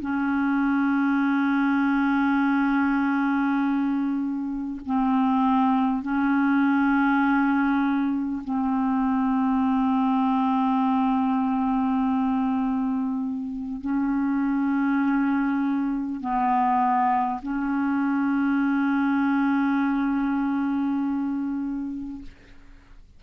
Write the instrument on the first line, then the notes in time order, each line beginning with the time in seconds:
clarinet
0.00 C#4
4.85 C4
6.02 C#4
8.44 C4
13.81 C#4
16.21 B3
17.42 C#4